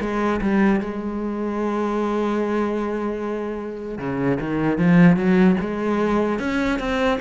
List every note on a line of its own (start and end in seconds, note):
0.00 0.40 G#3
0.41 0.80 G3
0.80 3.98 G#3
3.98 4.38 C#3
4.40 4.78 D#3
4.78 5.16 F3
5.16 5.56 F#3
5.60 6.39 G#3
6.39 6.79 C#4
6.79 7.19 C4